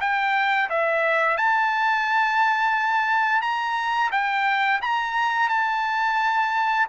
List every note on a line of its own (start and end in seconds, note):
0.00 0.69 G5
0.69 1.37 E5
1.37 3.41 A5
3.41 4.10 A#5
4.11 4.80 G5
4.82 5.49 A#5
5.49 6.87 A5